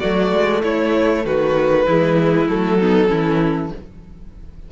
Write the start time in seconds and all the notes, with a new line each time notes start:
0.00 F#3 A3 F#4 D5
0.32 G#3
0.63 A3 E4 C#5
1.25 D#3 F#4 B4
1.86 E3 G#3 E4
2.48 F#3 A3 A4
2.80 B3 D#4
3.08 E3 C#4 E4